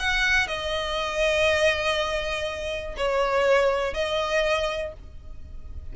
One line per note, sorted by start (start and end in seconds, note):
0.00 0.48 F#5
0.48 2.95 D#5
2.98 3.94 C#5
3.94 4.93 D#5